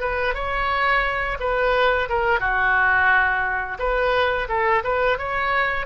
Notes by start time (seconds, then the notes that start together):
0.00 B4
0.34 C#5
1.39 B4
2.09 A#4
2.39 F#4
3.79 B4
4.48 A4
4.83 B4
5.18 C#5